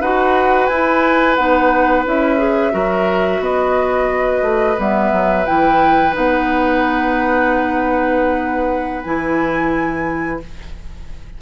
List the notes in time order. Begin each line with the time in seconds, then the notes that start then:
0.00 D#4 F#4 B4 F#5
0.67 E4 G#5
1.35 B3 D#4 F#5
2.05 C#4 E4 E5
2.38 G#4
2.72 F#3 F#4 A#4
3.39 B3 B4 D#5
4.42 A3
4.77 G3 B3 E5
5.12 F#3
5.46 E3 E4 G5
6.12 B3 D#4 F#5
9.03 E3 E4 G#5